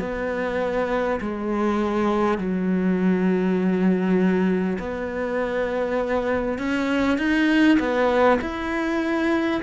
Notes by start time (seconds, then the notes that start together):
0.00 B3
1.21 G#3
2.38 F#3
4.79 B3
6.58 C#4
7.18 D#4
7.79 B3
8.41 E4